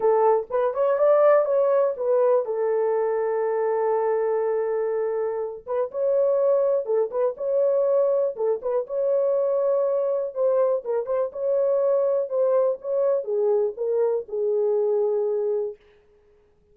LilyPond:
\new Staff \with { instrumentName = "horn" } { \time 4/4 \tempo 4 = 122 a'4 b'8 cis''8 d''4 cis''4 | b'4 a'2.~ | a'2.~ a'8 b'8 | cis''2 a'8 b'8 cis''4~ |
cis''4 a'8 b'8 cis''2~ | cis''4 c''4 ais'8 c''8 cis''4~ | cis''4 c''4 cis''4 gis'4 | ais'4 gis'2. | }